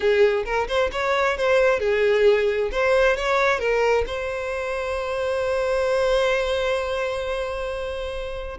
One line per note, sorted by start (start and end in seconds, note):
0.00 0.43 G#4
0.45 0.67 A#4
0.67 0.90 C5
0.91 1.37 C#5
1.37 1.79 C5
1.79 2.69 G#4
2.71 3.16 C5
3.16 3.59 C#5
3.59 4.04 A#4
4.06 8.58 C5